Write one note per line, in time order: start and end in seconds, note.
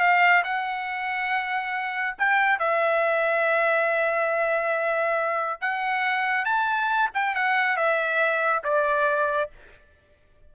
0.00 0.43 F5
0.44 2.16 F#5
2.18 2.59 G5
2.59 5.61 E5
5.61 6.45 F#5
6.45 7.10 A5
7.14 7.35 G5
7.35 7.77 F#5
7.77 8.63 E5
8.64 9.50 D5